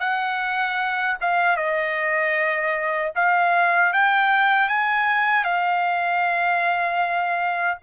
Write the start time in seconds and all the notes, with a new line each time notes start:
0.00 F#5
1.21 F5
1.57 D#5
3.16 F5
3.94 G5
4.69 G#5
5.44 F5